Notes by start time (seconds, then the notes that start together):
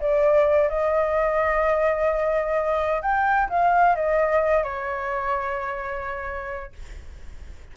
0.00 D5
0.69 D#5
3.01 G5
3.49 F5
3.95 D#5
4.63 C#5